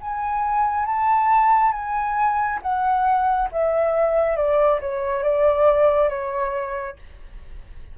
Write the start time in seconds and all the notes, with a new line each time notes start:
0.00 G#5
0.85 A5
1.72 G#5
2.62 F#5
3.51 E5
4.36 D5
4.80 C#5
5.23 D5
6.09 C#5